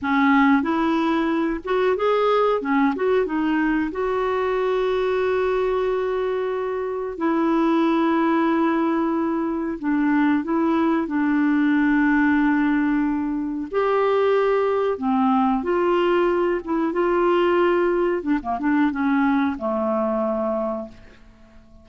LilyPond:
\new Staff \with { instrumentName = "clarinet" } { \time 4/4 \tempo 4 = 92 cis'4 e'4. fis'8 gis'4 | cis'8 fis'8 dis'4 fis'2~ | fis'2. e'4~ | e'2. d'4 |
e'4 d'2.~ | d'4 g'2 c'4 | f'4. e'8 f'2 | d'16 ais16 d'8 cis'4 a2 | }